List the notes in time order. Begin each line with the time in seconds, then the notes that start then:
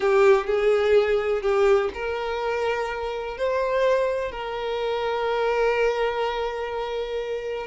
0.00 G4
0.46 G#4
1.41 G4
1.94 A#4
3.37 C5
4.31 A#4